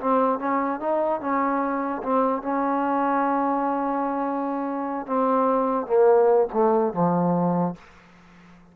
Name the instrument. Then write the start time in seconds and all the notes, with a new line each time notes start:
trombone
0.00 C4
0.39 C#4
0.79 D#4
1.20 C#4
2.03 C4
2.42 C#4
5.06 C4
5.86 A#3
6.53 A3
6.93 F3